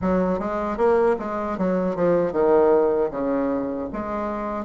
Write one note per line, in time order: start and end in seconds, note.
0.01 0.39 F#3
0.39 0.77 G#3
0.77 1.15 A#3
1.19 1.58 G#3
1.58 1.95 F#3
1.95 2.32 F3
2.32 3.10 D#3
3.10 3.88 C#3
3.92 4.65 G#3